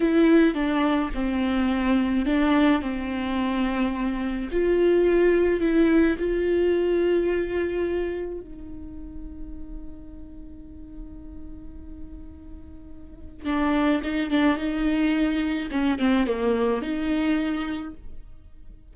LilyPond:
\new Staff \with { instrumentName = "viola" } { \time 4/4 \tempo 4 = 107 e'4 d'4 c'2 | d'4 c'2. | f'2 e'4 f'4~ | f'2. dis'4~ |
dis'1~ | dis'1 | d'4 dis'8 d'8 dis'2 | cis'8 c'8 ais4 dis'2 | }